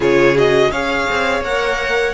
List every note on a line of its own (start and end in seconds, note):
0.00 0.69 C#3
0.00 0.35 F4
0.00 0.70 G#4
0.00 0.37 C#5
0.35 0.71 F#4
0.35 0.71 D#5
0.70 1.06 C#4
0.70 1.44 G#4
0.70 2.14 C#5
0.70 1.43 F5
1.10 1.41 C4
1.41 2.12 A#3
1.41 2.14 A#4
1.41 2.14 F#5